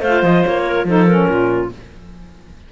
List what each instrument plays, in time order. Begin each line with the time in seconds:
0.00 cello A3, saxophone F4, clarinet C5 F5
0.22 cello F3, clarinet D#5
0.44 cello A#3, clarinet C#5
0.65 clarinet A#4
0.84 cello F3, saxophone D#4, clarinet A4 C5
1.06 saxophone C#4, clarinet A#4
1.28 cello A#2, clarinet F4